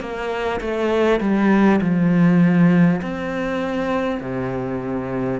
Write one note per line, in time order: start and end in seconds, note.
0.00 0.60 A#3
0.60 1.20 A3
1.20 1.80 G3
1.81 3.01 F3
3.02 4.20 C4
4.20 5.40 C3